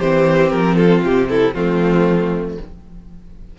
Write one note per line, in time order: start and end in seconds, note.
0.00 0.52 E3
0.00 1.55 C4
0.00 0.76 G4
0.00 0.51 C5
0.51 1.04 F3
0.51 0.76 A#4
0.76 1.28 F4
0.76 1.02 A4
1.04 1.55 C3
1.04 1.29 G4
1.29 1.55 E4
1.29 1.54 A4
1.54 2.57 F3
1.54 2.59 A3
1.54 2.57 C4
1.54 2.57 F4